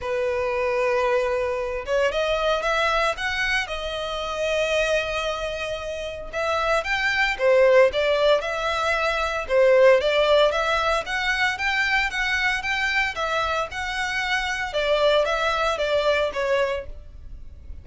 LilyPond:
\new Staff \with { instrumentName = "violin" } { \time 4/4 \tempo 4 = 114 b'2.~ b'8 cis''8 | dis''4 e''4 fis''4 dis''4~ | dis''1 | e''4 g''4 c''4 d''4 |
e''2 c''4 d''4 | e''4 fis''4 g''4 fis''4 | g''4 e''4 fis''2 | d''4 e''4 d''4 cis''4 | }